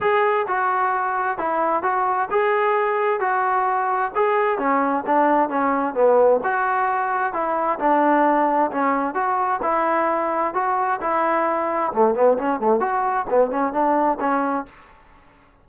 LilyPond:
\new Staff \with { instrumentName = "trombone" } { \time 4/4 \tempo 4 = 131 gis'4 fis'2 e'4 | fis'4 gis'2 fis'4~ | fis'4 gis'4 cis'4 d'4 | cis'4 b4 fis'2 |
e'4 d'2 cis'4 | fis'4 e'2 fis'4 | e'2 a8 b8 cis'8 a8 | fis'4 b8 cis'8 d'4 cis'4 | }